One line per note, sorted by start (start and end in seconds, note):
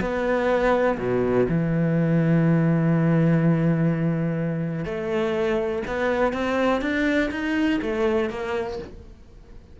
0.00 0.98 B3
0.98 1.47 B2
1.48 4.85 E3
4.85 5.82 A3
5.87 6.33 B3
6.33 6.81 C4
6.81 7.30 D4
7.31 7.80 D#4
7.82 8.30 A3
8.30 8.78 A#3